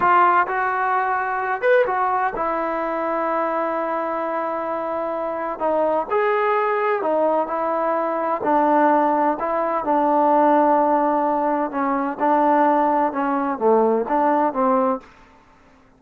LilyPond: \new Staff \with { instrumentName = "trombone" } { \time 4/4 \tempo 4 = 128 f'4 fis'2~ fis'8 b'8 | fis'4 e'2.~ | e'1 | dis'4 gis'2 dis'4 |
e'2 d'2 | e'4 d'2.~ | d'4 cis'4 d'2 | cis'4 a4 d'4 c'4 | }